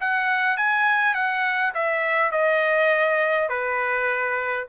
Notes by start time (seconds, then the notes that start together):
0.00 F#5
0.57 G#5
1.14 F#5
1.74 E5
2.31 D#5
3.49 B4